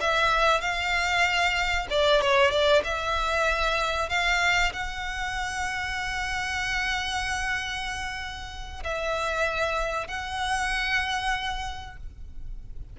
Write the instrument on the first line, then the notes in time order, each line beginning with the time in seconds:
violin
0.00 E5
0.61 F5
1.90 D5
2.21 C#5
2.50 D5
2.84 E5
4.09 F5
4.72 F#5
8.83 E5
10.07 F#5